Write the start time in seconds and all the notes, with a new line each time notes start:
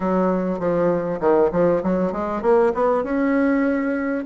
0.00 F#3
0.59 F3
1.20 D#3
1.52 F3
1.83 F#3
2.12 G#3
2.42 A#3
2.74 B3
3.03 C#4